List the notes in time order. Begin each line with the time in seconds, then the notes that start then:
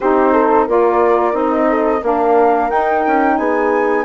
0.00 C4 D#4 G4 C5
0.32 A4
0.66 A#3 F4 A#4 D5
1.32 C4 D#4 D#5
1.69 A4
2.02 A#3 D4 A#4 F5
2.70 D#4 G5
3.06 C#4
3.37 B3 G#4 G#5